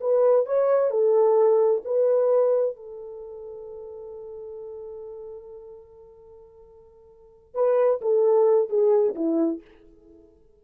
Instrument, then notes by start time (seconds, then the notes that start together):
horn
0.00 B4
0.45 C#5
0.90 A4
1.84 B4
2.76 A4
7.54 B4
8.01 A4
8.69 G#4
9.15 E4